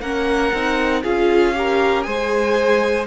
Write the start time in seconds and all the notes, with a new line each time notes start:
0.00 A#3 C#4 A#4 F#5
0.52 C4 D#4
1.03 C#4 F4 G#4 F5
1.54 G4 A#4
2.03 G#3 G#4 C5 G#5